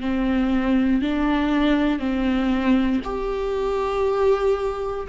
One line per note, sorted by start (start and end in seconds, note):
0.00 1.01 C4
1.01 1.99 D4
1.99 3.00 C4
3.04 5.07 G4